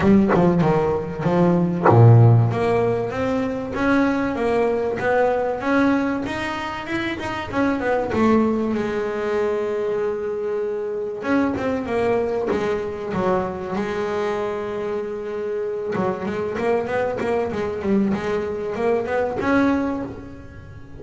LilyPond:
\new Staff \with { instrumentName = "double bass" } { \time 4/4 \tempo 4 = 96 g8 f8 dis4 f4 ais,4 | ais4 c'4 cis'4 ais4 | b4 cis'4 dis'4 e'8 dis'8 | cis'8 b8 a4 gis2~ |
gis2 cis'8 c'8 ais4 | gis4 fis4 gis2~ | gis4. fis8 gis8 ais8 b8 ais8 | gis8 g8 gis4 ais8 b8 cis'4 | }